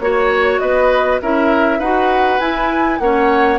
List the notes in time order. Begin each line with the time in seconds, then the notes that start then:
0.00 A#3 F#4 C#5
0.60 B3 B4 D#5
1.22 C#4 E4 A#4 E5
1.79 D#4 F#4 B4 F#5
2.40 E4 G#5
2.99 A#3 C#4 C#5 F#5